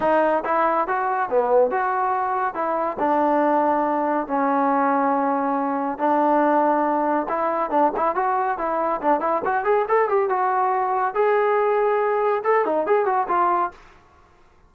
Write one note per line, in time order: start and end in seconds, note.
0.00 0.43 D#4
0.44 0.87 E4
0.87 1.29 F#4
1.29 1.70 B3
1.70 2.54 F#4
2.54 2.97 E4
2.99 4.27 D4
4.27 5.98 C#4
5.98 7.26 D4
7.29 7.70 E4
7.70 7.91 D4
7.96 8.15 E4
8.15 8.58 F#4
8.58 9.00 E4
9.01 9.20 D4
9.20 9.41 E4
9.44 9.64 F#4
9.64 9.85 G#4
9.88 10.08 A4
10.08 10.29 G4
10.29 11.14 F#4
11.14 12.42 G#4
12.44 12.65 A4
12.65 12.86 D#4
12.86 13.05 G#4
13.05 13.27 F#4
13.28 13.71 F4